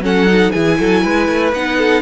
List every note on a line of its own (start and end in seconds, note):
0.00 0.50 F#3
0.00 0.27 C#4
0.00 0.53 A4
0.00 0.52 F#5
0.27 0.52 D#4
0.52 0.80 E3
0.52 1.54 E4
0.52 0.78 G#4
0.52 1.52 G#5
0.79 1.05 F#3
0.79 1.03 A4
1.03 1.28 G#3
1.03 1.78 B4
1.28 1.53 A3
1.53 2.03 B3
1.53 2.03 D#4
1.53 2.03 F#5
1.78 2.03 A4